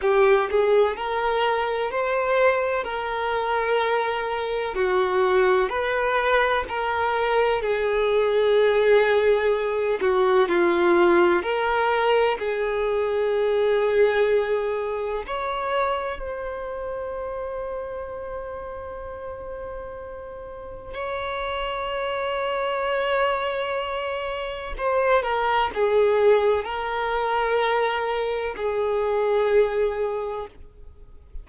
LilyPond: \new Staff \with { instrumentName = "violin" } { \time 4/4 \tempo 4 = 63 g'8 gis'8 ais'4 c''4 ais'4~ | ais'4 fis'4 b'4 ais'4 | gis'2~ gis'8 fis'8 f'4 | ais'4 gis'2. |
cis''4 c''2.~ | c''2 cis''2~ | cis''2 c''8 ais'8 gis'4 | ais'2 gis'2 | }